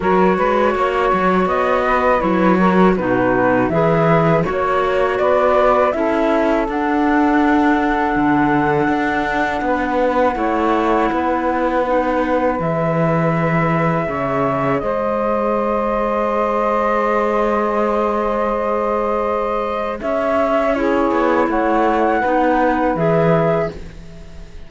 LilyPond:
<<
  \new Staff \with { instrumentName = "flute" } { \time 4/4 \tempo 4 = 81 cis''2 dis''4 cis''4 | b'4 e''4 cis''4 d''4 | e''4 fis''2.~ | fis''1~ |
fis''4 e''2. | dis''1~ | dis''2. e''4 | cis''4 fis''2 e''4 | }
  \new Staff \with { instrumentName = "saxophone" } { \time 4/4 ais'8 b'8 cis''4. b'4 ais'8 | fis'4 b'4 cis''4 b'4 | a'1~ | a'4 b'4 cis''4 b'4~ |
b'2. cis''4 | c''1~ | c''2. cis''4 | gis'4 cis''4 b'2 | }
  \new Staff \with { instrumentName = "clarinet" } { \time 4/4 fis'2. e'8 fis'8 | dis'4 gis'4 fis'2 | e'4 d'2.~ | d'2 e'2 |
dis'4 gis'2.~ | gis'1~ | gis'1 | e'2 dis'4 gis'4 | }
  \new Staff \with { instrumentName = "cello" } { \time 4/4 fis8 gis8 ais8 fis8 b4 fis4 | b,4 e4 ais4 b4 | cis'4 d'2 d4 | d'4 b4 a4 b4~ |
b4 e2 cis4 | gis1~ | gis2. cis'4~ | cis'8 b8 a4 b4 e4 | }
>>